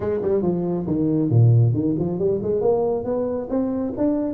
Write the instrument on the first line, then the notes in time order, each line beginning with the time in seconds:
tuba
0.00 G#3
0.22 G3
0.42 F3
0.86 D#3
1.29 A#2
1.73 D#3
1.98 F3
2.18 G3
2.42 G#3
2.61 A#3
3.04 B3
3.49 C4
3.97 D4